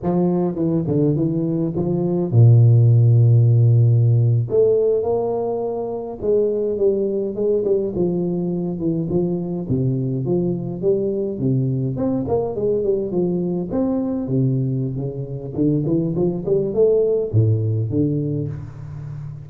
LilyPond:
\new Staff \with { instrumentName = "tuba" } { \time 4/4 \tempo 4 = 104 f4 e8 d8 e4 f4 | ais,2.~ ais,8. a16~ | a8. ais2 gis4 g16~ | g8. gis8 g8 f4. e8 f16~ |
f8. c4 f4 g4 c16~ | c8. c'8 ais8 gis8 g8 f4 c'16~ | c'8. c4~ c16 cis4 d8 e8 | f8 g8 a4 a,4 d4 | }